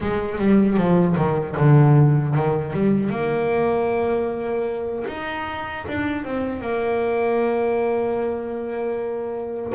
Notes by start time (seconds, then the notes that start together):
0.00 G#3
0.38 G3
0.77 F3
1.16 D#3
1.57 D3
2.34 D#3
2.73 G3
3.10 A#3
5.07 D#4
5.87 D4
6.24 C4
6.61 A#3